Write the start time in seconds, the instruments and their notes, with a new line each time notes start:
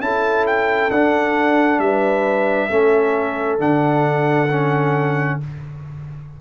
0.00 tuba C#4, trombone E4, horn A4, trumpet A5
0.46 trumpet G5
0.91 tuba D4, trombone D4, trumpet F#5
1.79 tuba G3, horn B4, trumpet E5
2.69 tuba A3, trombone C#4, horn A4
3.59 tuba D3, trombone D4, trumpet F#5
4.51 trombone C#4